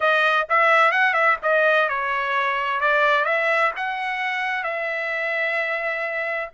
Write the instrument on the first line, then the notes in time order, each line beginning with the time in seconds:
trumpet
0.00 D#5
0.49 E5
0.91 F#5
1.13 E5
1.42 D#5
1.88 C#5
2.80 D5
3.25 E5
3.76 F#5
4.63 E5